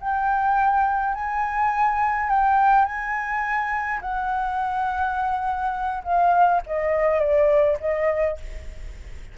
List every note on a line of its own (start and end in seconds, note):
0.00 1.15 G5
1.15 2.30 G#5
2.30 2.85 G5
2.85 4.00 G#5
4.01 6.03 F#5
6.04 6.61 F5
6.66 7.20 D#5
7.20 7.77 D5
7.80 8.38 D#5